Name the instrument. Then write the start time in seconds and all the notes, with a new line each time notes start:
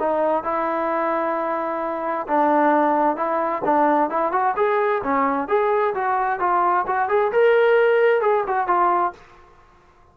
trombone
0.00 D#4
0.44 E4
2.28 D4
3.17 E4
3.65 D4
4.11 E4
4.33 F#4
4.57 G#4
5.04 C#4
5.49 G#4
5.95 F#4
6.40 F4
6.87 F#4
7.10 G#4
7.33 A#4
8.22 G#4
8.48 F#4
8.68 F4